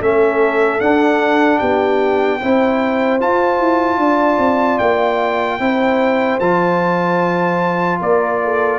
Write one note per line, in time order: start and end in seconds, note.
0.00 0.80 A3
0.00 0.80 C#4
0.00 1.59 A4
0.00 0.81 E5
0.80 2.40 D4
0.80 1.61 D4
0.80 1.59 F#5
1.59 2.41 B3
1.59 2.39 G4
1.59 3.19 G5
2.40 3.20 C4
2.40 3.20 E4
2.40 4.00 C5
3.20 3.60 F4
3.20 5.60 F4
3.20 4.79 A5
3.60 3.98 E4
3.98 4.38 D4
3.98 5.60 D5
4.39 4.79 C4
4.79 5.60 A#3
4.79 6.39 G5
5.60 6.40 C4
5.60 6.40 E4
5.60 8.00 C5
6.40 8.00 F3
6.40 8.79 F4
6.40 8.00 A5
8.00 8.79 A#3
8.00 8.40 A#4
8.00 8.79 D5
8.44 8.79 A4